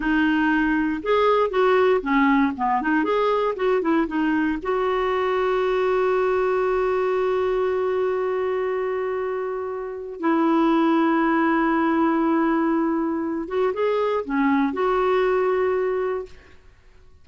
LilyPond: \new Staff \with { instrumentName = "clarinet" } { \time 4/4 \tempo 4 = 118 dis'2 gis'4 fis'4 | cis'4 b8 dis'8 gis'4 fis'8 e'8 | dis'4 fis'2.~ | fis'1~ |
fis'1 | e'1~ | e'2~ e'8 fis'8 gis'4 | cis'4 fis'2. | }